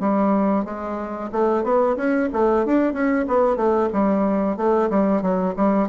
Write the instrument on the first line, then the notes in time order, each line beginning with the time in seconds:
bassoon
0.00 G3
0.65 G#3
1.32 A3
1.63 B3
1.97 C#4
2.33 A3
2.66 D4
2.93 C#4
3.28 B3
3.56 A3
3.93 G3
4.57 A3
4.90 G3
5.22 F#3
5.56 G3